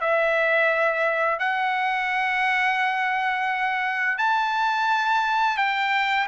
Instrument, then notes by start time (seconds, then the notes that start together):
trumpet
0.00 E5
1.39 F#5
4.18 A5
5.57 G5